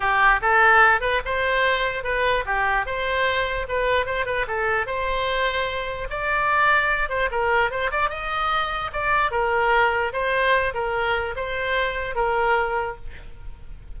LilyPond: \new Staff \with { instrumentName = "oboe" } { \time 4/4 \tempo 4 = 148 g'4 a'4. b'8 c''4~ | c''4 b'4 g'4 c''4~ | c''4 b'4 c''8 b'8 a'4 | c''2. d''4~ |
d''4. c''8 ais'4 c''8 d''8 | dis''2 d''4 ais'4~ | ais'4 c''4. ais'4. | c''2 ais'2 | }